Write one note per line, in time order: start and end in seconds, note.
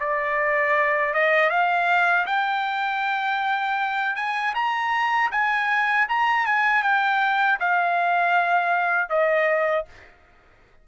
0.00 1.14 D5
1.14 1.50 D#5
1.50 2.26 F5
2.26 4.16 G5
4.16 4.54 G#5
4.55 5.31 A#5
5.32 6.08 G#5
6.09 6.46 A#5
6.46 6.83 G#5
6.83 7.59 G5
7.60 9.10 F5
9.10 9.86 D#5